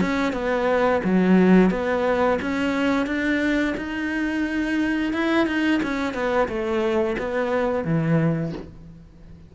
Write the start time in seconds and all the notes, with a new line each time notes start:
0.00 C#4
0.33 B3
1.04 F#3
1.70 B3
2.41 C#4
3.06 D4
3.77 D#4
5.13 E4
5.46 D#4
5.82 C#4
6.14 B3
6.48 A3
7.18 B3
7.84 E3